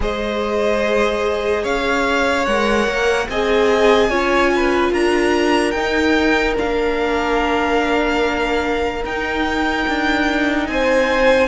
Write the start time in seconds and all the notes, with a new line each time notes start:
0.00 G#3 G#4 C5 D#5
1.62 C#4 C#5 F5
2.45 G#3 A#4 F#5
2.87 A#3
3.29 C4 G#4 D#5 G#5
4.09 C#4 F4 C#5
4.55 B4
4.92 D4 A#4 A#5
5.71 D#4 G5
6.56 A#3 D4 F5
9.03 D#4 G5
9.87 D4
10.67 C4 C5 G#5